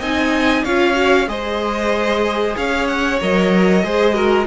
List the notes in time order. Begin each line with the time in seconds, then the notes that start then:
0.00 C4 D#4 D#5 G#5
0.64 C#4 F4 C#5 F5
0.94 F#4
1.28 G#3 G#4 C5 D#5
2.57 C#4 C#5 F5
2.88 F#5
3.21 F#3 A#4 D#5
3.84 G#3 G#4 C5
4.14 F#4 A#4